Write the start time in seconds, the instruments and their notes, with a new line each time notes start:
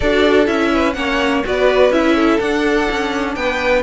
0.00 cello D4, viola F#4, violin A4 D5
0.46 cello C#4, viola E4, violin E5
0.72 violin B4
0.93 cello A#3, viola C#4, violin C#5 F#5
1.44 cello B3, viola F#4, violin B4 D5
1.90 cello C#4, viola E4, violin E5
2.15 violin A4
2.39 viola D4, cello D4, violin F#5
2.91 cello C#4
3.35 cello B3, violin B4 G5